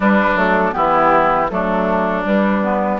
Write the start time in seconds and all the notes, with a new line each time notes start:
0.00 G3 D4 B4
0.34 F#3 A3 A4
0.72 E3 B3 E4 G4
1.49 F#3 A3 D4 A4
2.23 G3 B4
2.62 B3